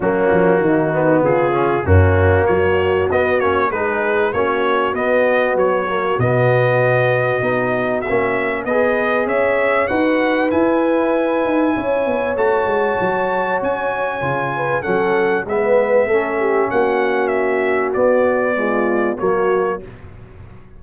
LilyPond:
<<
  \new Staff \with { instrumentName = "trumpet" } { \time 4/4 \tempo 4 = 97 fis'2 gis'4 fis'4 | cis''4 dis''8 cis''8 b'4 cis''4 | dis''4 cis''4 dis''2~ | dis''4 e''4 dis''4 e''4 |
fis''4 gis''2. | a''2 gis''2 | fis''4 e''2 fis''4 | e''4 d''2 cis''4 | }
  \new Staff \with { instrumentName = "horn" } { \time 4/4 cis'4 dis'4 f'4 cis'4 | fis'2 gis'4 fis'4~ | fis'1~ | fis'2 b'4 cis''4 |
b'2. cis''4~ | cis''2.~ cis''8 b'8 | a'4 b'4 a'8 g'8 fis'4~ | fis'2 f'4 fis'4 | }
  \new Staff \with { instrumentName = "trombone" } { \time 4/4 ais4. b4 cis'8 ais4~ | ais4 b8 cis'8 dis'4 cis'4 | b4. ais8 b2 | dis'4 cis'4 gis'2 |
fis'4 e'2. | fis'2. f'4 | cis'4 b4 cis'2~ | cis'4 b4 gis4 ais4 | }
  \new Staff \with { instrumentName = "tuba" } { \time 4/4 fis8 f8 dis4 cis4 fis,4 | fis4 b8 ais8 gis4 ais4 | b4 fis4 b,2 | b4 ais4 b4 cis'4 |
dis'4 e'4. dis'8 cis'8 b8 | a8 gis8 fis4 cis'4 cis4 | fis4 gis4 a4 ais4~ | ais4 b2 fis4 | }
>>